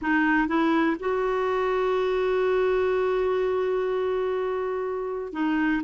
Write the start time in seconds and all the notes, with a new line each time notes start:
0.01 D#4
0.47 E4
0.99 F#4
5.32 D#4